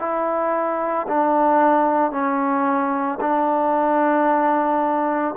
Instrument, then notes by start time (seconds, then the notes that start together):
trombone
0.00 E4
1.08 D4
2.12 C#4
3.21 D4